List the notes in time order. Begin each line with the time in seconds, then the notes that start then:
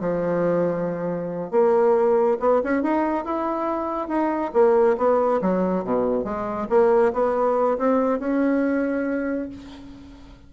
0.00 F3
1.51 A#3
2.40 B3
2.64 C#4
2.82 D#4
3.24 E4
4.08 D#4
4.53 A#3
4.97 B3
5.41 F#3
5.84 B2
6.24 G#3
6.69 A#3
7.13 B3
7.78 C4
8.19 C#4